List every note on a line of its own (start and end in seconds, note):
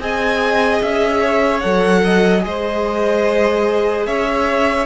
0.00 0.81 C4
0.00 1.62 G#4
0.00 1.21 D#5
0.00 0.83 G#5
0.83 1.64 C#4
0.83 1.60 E5
1.21 2.02 C#5
1.60 2.45 F#3
1.60 2.41 A4
1.60 2.42 F#5
2.05 2.45 D#5
2.41 4.07 G#3
2.41 4.84 G#4
2.41 4.07 D#5
2.47 4.07 C5
4.07 4.86 C#4
4.07 4.86 C#5
4.07 4.86 E5